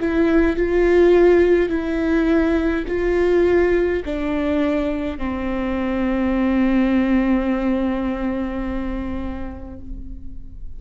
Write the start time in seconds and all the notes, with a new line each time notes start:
0.00 E4
0.57 F4
1.69 E4
2.87 F4
4.05 D4
5.18 C4